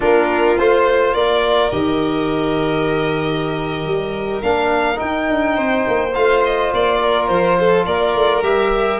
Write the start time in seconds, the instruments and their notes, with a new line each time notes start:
0.00 tuba A#3, trombone D4, violin F4 A#4
0.57 tuba A3, trombone F4, violin C5
1.13 tuba A#3, violin A#4 D5
1.70 tuba D#3, trombone G4, violin D#5
3.85 tuba G3
4.42 tuba A#3, trombone D4, violin F5
4.95 trombone D#4, tuba D#4, violin G5
5.29 tuba D4
5.55 tuba C4, violin C5
5.87 tuba A#3
6.14 tuba A3, trombone F4, violin F5
6.44 violin D#5
6.73 tuba A#3, violin D5
7.01 violin A#4
7.27 tuba F3, violin C5
7.59 violin A4
7.85 tuba A#3, violin A#4 D5
8.14 tuba A3
8.42 tuba G3, trombone G4, violin E5